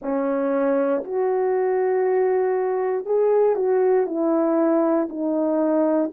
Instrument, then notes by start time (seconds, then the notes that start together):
horn
0.02 C#4
1.04 F#4
3.05 G#4
3.55 F#4
4.06 E4
5.09 D#4